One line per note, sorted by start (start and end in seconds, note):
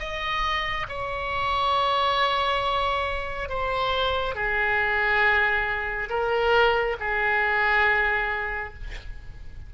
0.00 0.87 D#5
0.89 3.49 C#5
3.49 4.36 C5
4.36 6.09 G#4
6.10 6.97 A#4
7.00 8.74 G#4